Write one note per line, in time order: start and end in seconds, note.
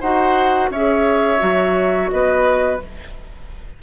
0.00 0.70 D#4
0.00 0.72 F#4
0.00 0.70 C5
0.00 0.70 F#5
0.70 1.40 C#4
0.70 1.39 G#4
0.70 2.11 C#5
0.70 2.10 E5
1.39 2.11 F#3
1.39 2.78 F#4
2.10 2.82 B3
2.10 2.82 B4
2.10 2.79 D#5